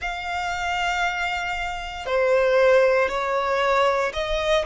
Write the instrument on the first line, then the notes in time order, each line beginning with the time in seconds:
violin
0.00 F5
2.05 C5
3.08 C#5
4.13 D#5